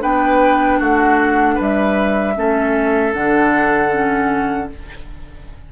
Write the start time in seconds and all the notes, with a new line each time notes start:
0.00 B3 D4 B4 G5
0.79 A3 F#4 F#5
1.55 G3 B4
1.61 E5
2.35 A3 C#4 A4
3.13 D3 D4 F#5
3.91 C#4